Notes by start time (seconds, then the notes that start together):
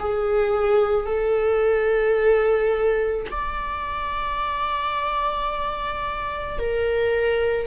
0.00 G#4
1.06 A4
3.31 D5
6.59 A#4